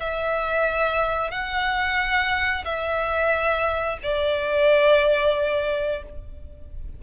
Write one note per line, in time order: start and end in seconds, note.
0.00 1.31 E5
1.31 2.65 F#5
2.65 3.98 E5
4.03 6.03 D5